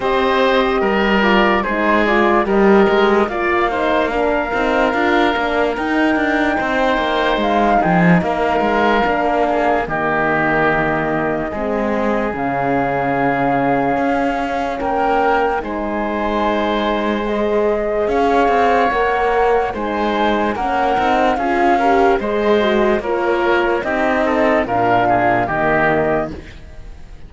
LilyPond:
<<
  \new Staff \with { instrumentName = "flute" } { \time 4/4 \tempo 4 = 73 dis''4. d''8 c''8 d''8 dis''4 | f''2. g''4~ | g''4 f''8 g''16 gis''16 f''2 | dis''2. f''4~ |
f''2 g''4 gis''4~ | gis''4 dis''4 f''4 fis''4 | gis''4 fis''4 f''4 dis''4 | cis''4 dis''4 f''4 dis''4 | }
  \new Staff \with { instrumentName = "oboe" } { \time 4/4 c''4 ais'4 gis'4 ais'4 | d''8 c''8 ais'2. | c''4. gis'8 ais'4. gis'8 | g'2 gis'2~ |
gis'2 ais'4 c''4~ | c''2 cis''2 | c''4 ais'4 gis'8 ais'8 c''4 | ais'4 g'8 a'8 ais'8 gis'8 g'4 | }
  \new Staff \with { instrumentName = "horn" } { \time 4/4 g'4. f'8 dis'8 f'8 g'4 | f'8 dis'8 d'8 dis'8 f'8 d'8 dis'4~ | dis'2. d'4 | ais2 c'4 cis'4~ |
cis'2. dis'4~ | dis'4 gis'2 ais'4 | dis'4 cis'8 dis'8 f'8 g'8 gis'8 fis'8 | f'4 dis'4 d'4 ais4 | }
  \new Staff \with { instrumentName = "cello" } { \time 4/4 c'4 g4 gis4 g8 gis8 | ais4. c'8 d'8 ais8 dis'8 d'8 | c'8 ais8 gis8 f8 ais8 gis8 ais4 | dis2 gis4 cis4~ |
cis4 cis'4 ais4 gis4~ | gis2 cis'8 c'8 ais4 | gis4 ais8 c'8 cis'4 gis4 | ais4 c'4 ais,4 dis4 | }
>>